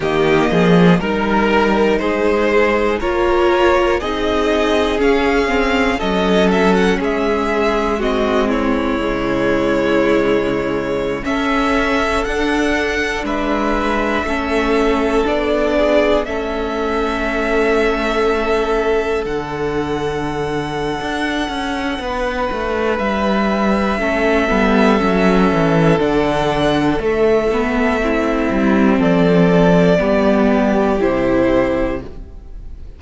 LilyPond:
<<
  \new Staff \with { instrumentName = "violin" } { \time 4/4 \tempo 4 = 60 dis''4 ais'4 c''4 cis''4 | dis''4 f''4 dis''8 e''16 fis''16 e''4 | dis''8 cis''2~ cis''8. e''8.~ | e''16 fis''4 e''2 d''8.~ |
d''16 e''2. fis''8.~ | fis''2. e''4~ | e''2 fis''4 e''4~ | e''4 d''2 c''4 | }
  \new Staff \with { instrumentName = "violin" } { \time 4/4 g'8 gis'8 ais'4 gis'4 ais'4 | gis'2 a'4 gis'4 | fis'8 e'2~ e'8. a'8.~ | a'4~ a'16 b'4 a'4. gis'16~ |
gis'16 a'2.~ a'8.~ | a'2 b'2 | a'1 | e'4 a'4 g'2 | }
  \new Staff \with { instrumentName = "viola" } { \time 4/4 ais4 dis'2 f'4 | dis'4 cis'8 c'8 cis'2 | c'4 gis2~ gis16 cis'8.~ | cis'16 d'2 cis'4 d'8.~ |
d'16 cis'2. d'8.~ | d'1 | cis'8 b8 cis'4 d'4 a8 b8 | c'2 b4 e'4 | }
  \new Staff \with { instrumentName = "cello" } { \time 4/4 dis8 f8 g4 gis4 ais4 | c'4 cis'4 fis4 gis4~ | gis4 cis2~ cis16 cis'8.~ | cis'16 d'4 gis4 a4 b8.~ |
b16 a2. d8.~ | d4 d'8 cis'8 b8 a8 g4 | a8 g8 fis8 e8 d4 a4~ | a8 g8 f4 g4 c4 | }
>>